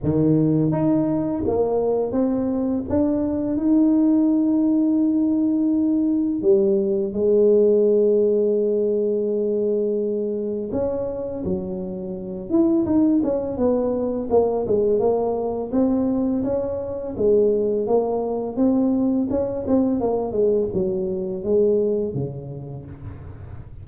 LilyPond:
\new Staff \with { instrumentName = "tuba" } { \time 4/4 \tempo 4 = 84 dis4 dis'4 ais4 c'4 | d'4 dis'2.~ | dis'4 g4 gis2~ | gis2. cis'4 |
fis4. e'8 dis'8 cis'8 b4 | ais8 gis8 ais4 c'4 cis'4 | gis4 ais4 c'4 cis'8 c'8 | ais8 gis8 fis4 gis4 cis4 | }